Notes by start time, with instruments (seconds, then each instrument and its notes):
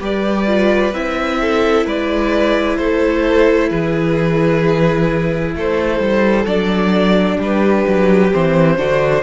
0.00 cello G3, viola G4, violin B4 D5
0.47 viola F4
0.93 cello C4, viola E4, violin E5
1.41 violin A4
1.85 cello G#3, violin B4 D5
2.77 cello A3, violin A4 C5
3.69 cello E3, violin G#4 B4
5.55 cello A3, violin A4 C5
5.99 cello G3
6.46 cello F#3, viola D4, violin D5
7.37 cello G3, violin G4 B4
7.87 cello F#3
8.33 cello E3, viola C4, violin C5
8.78 cello D3, viola D4, violin F#4